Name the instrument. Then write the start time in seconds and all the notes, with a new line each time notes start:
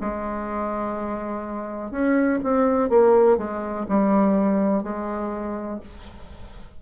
bassoon
0.00 G#3
1.90 C#4
2.43 C4
2.89 A#3
3.37 G#3
3.88 G3
4.83 G#3